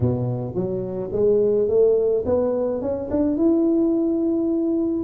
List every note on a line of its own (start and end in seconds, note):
0.00 0.54 B2
0.54 1.10 F#3
1.12 1.68 G#3
1.68 2.24 A3
2.25 2.81 B3
2.81 3.09 C#4
3.10 3.36 D4
3.36 5.03 E4